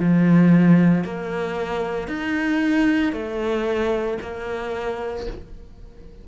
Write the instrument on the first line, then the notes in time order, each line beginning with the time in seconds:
cello
0.00 F3
1.05 A#3
2.08 D#4
3.13 A3
4.22 A#3